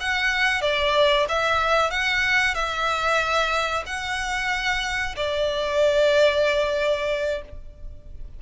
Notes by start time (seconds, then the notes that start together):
0.00 F#5
0.61 D5
1.28 E5
1.90 F#5
2.54 E5
3.86 F#5
5.16 D5